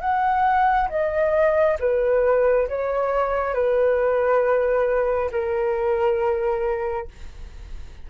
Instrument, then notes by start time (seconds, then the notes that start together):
flute
0.00 F#5
0.89 D#5
1.80 B4
2.69 C#5
3.54 B4
5.31 A#4